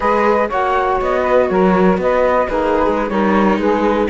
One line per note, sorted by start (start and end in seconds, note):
0.00 0.50 G#3
0.00 0.49 G#4
0.00 0.48 B4
0.00 0.49 D#5
0.48 1.00 A#3
0.48 2.49 F#4
0.48 1.20 C#5
0.48 1.00 F#5
1.01 1.50 B3
1.01 1.48 D#5
1.20 1.45 B4
1.48 1.97 F#3
1.48 2.00 A#4
1.48 1.98 C#5
1.97 2.47 B3
1.97 2.48 B4
1.97 2.48 D#5
2.48 2.86 A#3
2.48 3.10 D#4
2.48 3.11 G#4
2.48 3.08 B4
2.86 3.10 G#3
3.08 3.57 G3
3.08 4.09 D#4
3.08 3.60 A#4
3.08 3.58 C#5
3.57 4.07 G#3
3.57 4.09 G#4
3.57 4.09 B4